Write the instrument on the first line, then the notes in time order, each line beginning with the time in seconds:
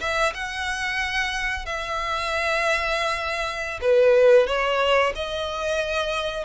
violin
0.00 E5
0.34 F#5
1.65 E5
3.81 B4
4.47 C#5
5.15 D#5